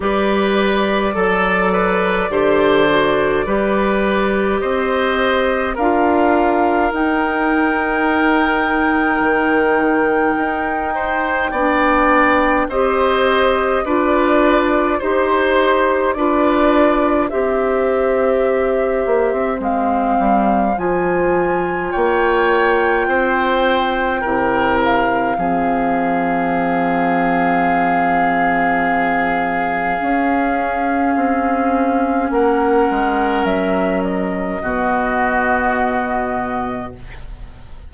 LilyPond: <<
  \new Staff \with { instrumentName = "flute" } { \time 4/4 \tempo 4 = 52 d''1 | dis''4 f''4 g''2~ | g''2. dis''4 | d''4 c''4 d''4 e''4~ |
e''4 f''4 gis''4 g''4~ | g''4. f''2~ f''8~ | f''1 | fis''4 e''8 dis''2~ dis''8 | }
  \new Staff \with { instrumentName = "oboe" } { \time 4/4 b'4 a'8 b'8 c''4 b'4 | c''4 ais'2.~ | ais'4. c''8 d''4 c''4 | b'4 c''4 b'4 c''4~ |
c''2. cis''4 | c''4 ais'4 gis'2~ | gis'1 | ais'2 fis'2 | }
  \new Staff \with { instrumentName = "clarinet" } { \time 4/4 g'4 a'4 g'8 fis'8 g'4~ | g'4 f'4 dis'2~ | dis'2 d'4 g'4 | f'4 g'4 f'4 g'4~ |
g'4 c'4 f'2~ | f'4 e'4 c'2~ | c'2 cis'2~ | cis'2 b2 | }
  \new Staff \with { instrumentName = "bassoon" } { \time 4/4 g4 fis4 d4 g4 | c'4 d'4 dis'2 | dis4 dis'4 b4 c'4 | d'4 dis'4 d'4 c'4~ |
c'8 ais16 c'16 gis8 g8 f4 ais4 | c'4 c4 f2~ | f2 cis'4 c'4 | ais8 gis8 fis4 b,2 | }
>>